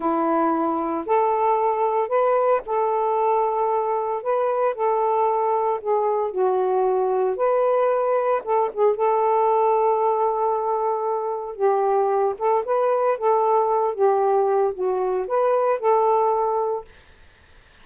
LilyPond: \new Staff \with { instrumentName = "saxophone" } { \time 4/4 \tempo 4 = 114 e'2 a'2 | b'4 a'2. | b'4 a'2 gis'4 | fis'2 b'2 |
a'8 gis'8 a'2.~ | a'2 g'4. a'8 | b'4 a'4. g'4. | fis'4 b'4 a'2 | }